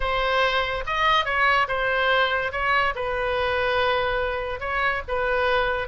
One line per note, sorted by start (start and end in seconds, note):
0.00 0.84 C5
0.86 1.25 D#5
1.25 1.67 C#5
1.68 2.52 C5
2.52 2.94 C#5
2.95 4.60 B4
4.60 5.02 C#5
5.08 5.87 B4